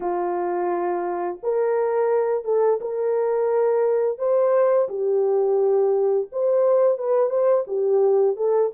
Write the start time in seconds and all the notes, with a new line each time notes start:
0.00 F4
1.42 A#4
2.44 A4
2.80 A#4
4.18 C5
4.88 G4
6.31 C5
6.98 B4
7.29 C5
7.67 G4
8.36 A4